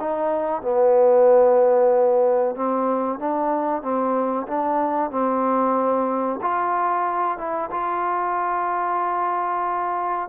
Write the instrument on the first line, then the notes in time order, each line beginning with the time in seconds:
trombone
0.00 D#4
0.62 B3
2.56 C4
3.19 D4
3.82 C4
4.48 D4
5.11 C4
6.42 F4
7.38 E4
7.72 F4